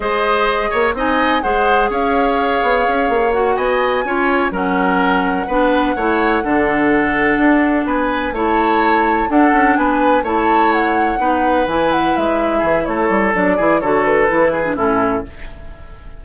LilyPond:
<<
  \new Staff \with { instrumentName = "flute" } { \time 4/4 \tempo 4 = 126 dis''2 gis''4 fis''4 | f''2. fis''8 gis''8~ | gis''4. fis''2~ fis''8~ | fis''1~ |
fis''8 gis''4 a''2 fis''8~ | fis''8 gis''4 a''4 fis''4.~ | fis''8 gis''8 fis''8 e''4. cis''4 | d''4 cis''8 b'4. a'4 | }
  \new Staff \with { instrumentName = "oboe" } { \time 4/4 c''4. cis''8 dis''4 c''4 | cis''2.~ cis''8 dis''8~ | dis''8 cis''4 ais'2 b'8~ | b'8 cis''4 a'2~ a'8~ |
a'8 b'4 cis''2 a'8~ | a'8 b'4 cis''2 b'8~ | b'2~ b'8 gis'8 a'4~ | a'8 gis'8 a'4. gis'8 e'4 | }
  \new Staff \with { instrumentName = "clarinet" } { \time 4/4 gis'2 dis'4 gis'4~ | gis'2. fis'4~ | fis'8 f'4 cis'2 d'8~ | d'8 e'4 d'2~ d'8~ |
d'4. e'2 d'8~ | d'4. e'2 dis'8~ | dis'8 e'2.~ e'8 | d'8 e'8 fis'4 e'8. d'16 cis'4 | }
  \new Staff \with { instrumentName = "bassoon" } { \time 4/4 gis4. ais8 c'4 gis4 | cis'4. b8 cis'8 ais4 b8~ | b8 cis'4 fis2 b8~ | b8 a4 d2 d'8~ |
d'8 b4 a2 d'8 | cis'8 b4 a2 b8~ | b8 e4 gis4 e8 a8 g8 | fis8 e8 d4 e4 a,4 | }
>>